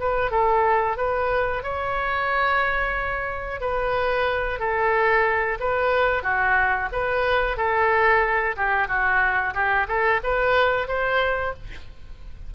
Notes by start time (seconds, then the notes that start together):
0.00 B4
0.31 A4
0.97 B4
1.63 C#5
3.61 B4
4.59 A4
5.60 B4
6.23 F#4
6.92 B4
7.57 A4
8.57 G4
8.88 F#4
9.54 G4
9.88 A4
10.23 B4
10.88 C5